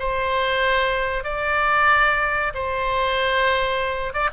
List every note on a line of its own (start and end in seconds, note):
0.00 1.24 C5
1.24 2.53 D5
2.55 4.14 C5
4.14 4.30 D5